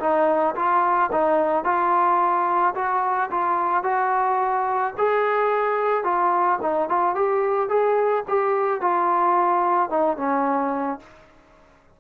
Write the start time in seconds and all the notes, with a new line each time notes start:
0.00 D#4
0.55 F4
1.12 D#4
1.64 F4
2.75 F#4
3.31 F4
3.84 F#4
4.98 G#4
6.04 F4
6.62 D#4
6.89 F4
7.15 G4
7.69 G#4
8.28 G4
8.81 F4
9.90 D#4
10.17 C#4